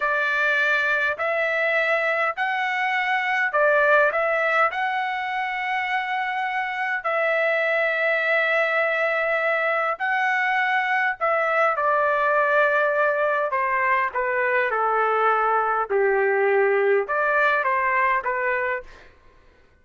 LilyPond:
\new Staff \with { instrumentName = "trumpet" } { \time 4/4 \tempo 4 = 102 d''2 e''2 | fis''2 d''4 e''4 | fis''1 | e''1~ |
e''4 fis''2 e''4 | d''2. c''4 | b'4 a'2 g'4~ | g'4 d''4 c''4 b'4 | }